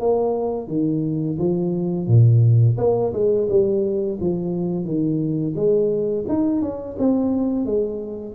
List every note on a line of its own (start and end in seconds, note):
0.00 0.68 A#3
0.68 1.37 D#3
1.38 2.07 F3
2.07 2.77 A#2
2.78 3.13 A#3
3.13 3.48 G#3
3.49 4.19 G3
4.20 4.85 F3
4.85 5.54 D#3
5.55 6.25 G#3
6.29 6.62 D#4
6.62 6.96 C#4
6.99 7.65 C4
7.65 8.34 G#3